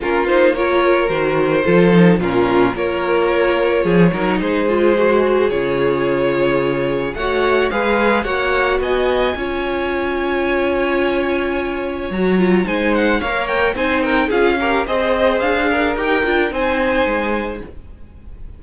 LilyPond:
<<
  \new Staff \with { instrumentName = "violin" } { \time 4/4 \tempo 4 = 109 ais'8 c''8 cis''4 c''2 | ais'4 cis''2. | c''2 cis''2~ | cis''4 fis''4 f''4 fis''4 |
gis''1~ | gis''2 ais''4 gis''8 fis''8 | f''8 g''8 gis''8 g''8 f''4 dis''4 | f''4 g''4 gis''2 | }
  \new Staff \with { instrumentName = "violin" } { \time 4/4 f'4 ais'2 a'4 | f'4 ais'2 gis'8 ais'8 | gis'1~ | gis'4 cis''4 b'4 cis''4 |
dis''4 cis''2.~ | cis''2. c''4 | cis''4 c''8 ais'8 gis'8 ais'8 c''4~ | c''8 ais'4. c''2 | }
  \new Staff \with { instrumentName = "viola" } { \time 4/4 cis'8 dis'8 f'4 fis'4 f'8 dis'8 | cis'4 f'2~ f'8 dis'8~ | dis'8 f'8 fis'4 f'2~ | f'4 fis'4 gis'4 fis'4~ |
fis'4 f'2.~ | f'2 fis'8 f'8 dis'4 | ais'4 dis'4 f'8 g'8 gis'4~ | gis'4 g'8 f'8 dis'2 | }
  \new Staff \with { instrumentName = "cello" } { \time 4/4 ais2 dis4 f4 | ais,4 ais2 f8 fis8 | gis2 cis2~ | cis4 a4 gis4 ais4 |
b4 cis'2.~ | cis'2 fis4 gis4 | ais4 c'4 cis'4 c'4 | d'4 dis'8 d'8 c'4 gis4 | }
>>